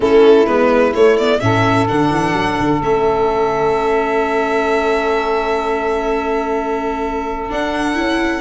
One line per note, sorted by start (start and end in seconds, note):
0.00 0.45 A3
0.00 0.46 C#4
0.00 1.39 E4
0.00 0.46 A4
0.46 0.93 G#3
0.46 0.93 B3
0.46 0.93 B4
0.94 1.17 A3
0.94 1.41 A3
0.94 1.16 C#5
1.16 1.40 B3
1.16 1.40 D5
1.40 1.88 A2
1.40 1.87 C#4
1.40 8.41 A4
1.40 1.87 E5
1.87 2.10 D3
1.87 2.81 D4
1.87 2.82 F#5
2.10 2.32 E3
2.32 2.56 F#3
2.59 2.81 D3
2.81 7.49 A3
2.81 7.48 C#4
2.81 7.51 E5
7.48 7.94 D4
7.48 7.97 D4
7.48 8.41 F#5
7.94 8.41 C#4
7.94 8.41 E4